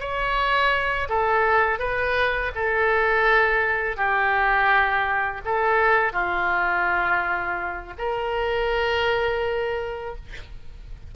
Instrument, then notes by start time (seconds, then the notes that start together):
oboe
0.00 C#5
1.09 A4
1.79 B4
2.55 A4
3.97 G4
5.45 A4
6.13 F4
7.99 A#4